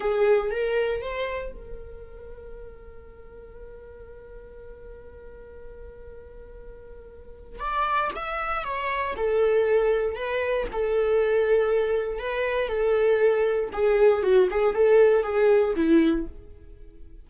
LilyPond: \new Staff \with { instrumentName = "viola" } { \time 4/4 \tempo 4 = 118 gis'4 ais'4 c''4 ais'4~ | ais'1~ | ais'1~ | ais'2. d''4 |
e''4 cis''4 a'2 | b'4 a'2. | b'4 a'2 gis'4 | fis'8 gis'8 a'4 gis'4 e'4 | }